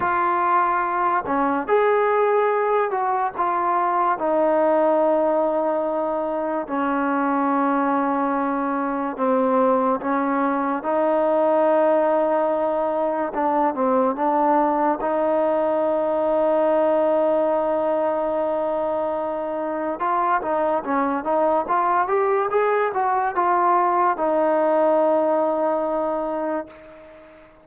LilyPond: \new Staff \with { instrumentName = "trombone" } { \time 4/4 \tempo 4 = 72 f'4. cis'8 gis'4. fis'8 | f'4 dis'2. | cis'2. c'4 | cis'4 dis'2. |
d'8 c'8 d'4 dis'2~ | dis'1 | f'8 dis'8 cis'8 dis'8 f'8 g'8 gis'8 fis'8 | f'4 dis'2. | }